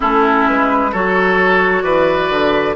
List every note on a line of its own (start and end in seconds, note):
0.00 0.49 A3
0.00 0.92 C#4
0.00 0.91 E4
0.00 0.47 A4
0.47 0.93 G#3
0.47 0.93 B4
0.91 1.83 F#3
0.91 2.76 F#4
0.91 1.83 A4
0.91 1.82 C#5
1.82 2.29 E3
1.82 2.75 B4
1.82 2.74 D5
2.29 2.76 D3